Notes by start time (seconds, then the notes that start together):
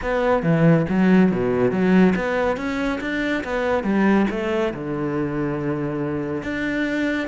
0.02 B3
0.43 E3
0.89 F#3
1.31 B2
1.71 F#3
2.15 B3
2.56 C#4
3.01 D4
3.44 B3
3.83 G3
4.30 A3
4.74 D3
6.42 D4